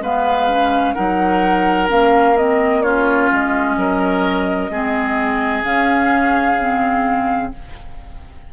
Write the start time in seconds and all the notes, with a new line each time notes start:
0.00 G#3 B3 B4 F5
0.48 C#4
0.93 F#3 D#4 A#4 F#5
1.88 A#3 C#4 F5
2.37 C4 D#5
2.81 C#4 F4 C#5
3.31 G#3 D#5
3.76 F#3 A#4
4.69 G#3 C4 G#4
5.63 C#3 C#4 F5
6.59 C4